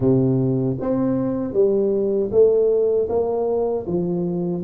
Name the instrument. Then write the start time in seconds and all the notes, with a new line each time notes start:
tuba
0.00 C3
0.80 C4
1.53 G3
2.31 A3
3.09 A#3
3.86 F3